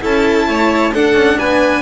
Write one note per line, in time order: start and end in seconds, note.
0.00 0.48 C#4
0.00 0.92 E4
0.00 0.48 A4
0.00 0.94 A5
0.48 0.94 A3
0.48 0.93 C#5
0.93 1.14 D4
0.93 1.82 D4
0.93 1.38 A4
0.93 1.38 F#5
1.14 1.37 C#4
1.38 1.82 B3
1.38 1.82 B4
1.38 1.82 G#5